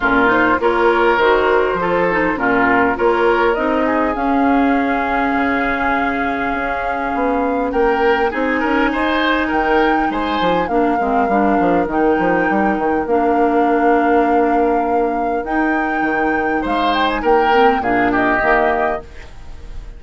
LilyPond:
<<
  \new Staff \with { instrumentName = "flute" } { \time 4/4 \tempo 4 = 101 ais'8 c''8 cis''4 c''2 | ais'4 cis''4 dis''4 f''4~ | f''1~ | f''4 g''4 gis''2 |
g''4 gis''4 f''2 | g''2 f''2~ | f''2 g''2 | f''8 g''16 gis''16 g''4 f''8 dis''4. | }
  \new Staff \with { instrumentName = "oboe" } { \time 4/4 f'4 ais'2 a'4 | f'4 ais'4. gis'4.~ | gis'1~ | gis'4 ais'4 gis'8 ais'8 c''4 |
ais'4 c''4 ais'2~ | ais'1~ | ais'1 | c''4 ais'4 gis'8 g'4. | }
  \new Staff \with { instrumentName = "clarinet" } { \time 4/4 cis'8 dis'8 f'4 fis'4 f'8 dis'8 | cis'4 f'4 dis'4 cis'4~ | cis'1~ | cis'2 dis'2~ |
dis'2 d'8 c'8 d'4 | dis'2 d'2~ | d'2 dis'2~ | dis'4. c'8 d'4 ais4 | }
  \new Staff \with { instrumentName = "bassoon" } { \time 4/4 ais,4 ais4 dis4 f4 | ais,4 ais4 c'4 cis'4~ | cis'4 cis2 cis'4 | b4 ais4 c'8 cis'8 dis'4 |
dis4 gis8 f8 ais8 gis8 g8 f8 | dis8 f8 g8 dis8 ais2~ | ais2 dis'4 dis4 | gis4 ais4 ais,4 dis4 | }
>>